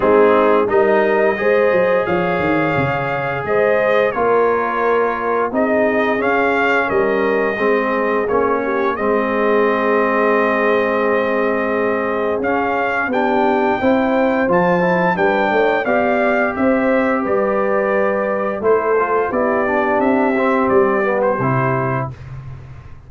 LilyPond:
<<
  \new Staff \with { instrumentName = "trumpet" } { \time 4/4 \tempo 4 = 87 gis'4 dis''2 f''4~ | f''4 dis''4 cis''2 | dis''4 f''4 dis''2 | cis''4 dis''2.~ |
dis''2 f''4 g''4~ | g''4 a''4 g''4 f''4 | e''4 d''2 c''4 | d''4 e''4 d''8. c''4~ c''16 | }
  \new Staff \with { instrumentName = "horn" } { \time 4/4 dis'4 ais'4 c''4 cis''4~ | cis''4 c''4 ais'2 | gis'2 ais'4 gis'4~ | gis'8 g'8 gis'2.~ |
gis'2. g'4 | c''2 b'8 cis''8 d''4 | c''4 b'2 a'4 | g'1 | }
  \new Staff \with { instrumentName = "trombone" } { \time 4/4 c'4 dis'4 gis'2~ | gis'2 f'2 | dis'4 cis'2 c'4 | cis'4 c'2.~ |
c'2 cis'4 d'4 | e'4 f'8 e'8 d'4 g'4~ | g'2. e'8 f'8 | e'8 d'4 c'4 b8 e'4 | }
  \new Staff \with { instrumentName = "tuba" } { \time 4/4 gis4 g4 gis8 fis8 f8 dis8 | cis4 gis4 ais2 | c'4 cis'4 g4 gis4 | ais4 gis2.~ |
gis2 cis'4 b4 | c'4 f4 g8 a8 b4 | c'4 g2 a4 | b4 c'4 g4 c4 | }
>>